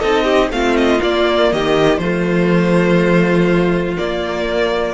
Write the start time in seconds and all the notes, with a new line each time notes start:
0.00 C4 D#4 A4 D#5
0.24 G4
0.51 A3 C4 F4 F5
0.77 D#5
1.00 A#3 D5
1.53 D#3 G4 D#5
1.98 F3 A3 F4 C5
3.98 A#3 D5